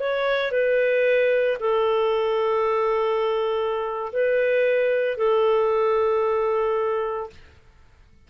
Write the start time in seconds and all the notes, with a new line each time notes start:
0.00 C#5
0.52 B4
1.60 A4
4.13 B4
5.18 A4